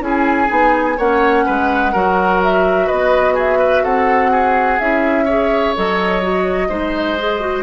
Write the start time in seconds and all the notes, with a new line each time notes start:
0.00 C#4 E4 G#4 G#5
0.47 B3 D#4
0.97 A#3 C#4 C#5 F#5
1.45 G#3 B4
1.92 F#3 F#4 A#4
2.42 E5
2.86 B3 B4 D#5
3.34 G#4 E5
3.59 B4
3.83 C4 A4 F#5
4.31 G#4
4.79 C#4 E4 E5
5.25 G#4 C#5
5.75 F#3 A4 D#5
6.22 F#4
6.68 G#3 D#4 C5
7.18 G#4
7.40 F#4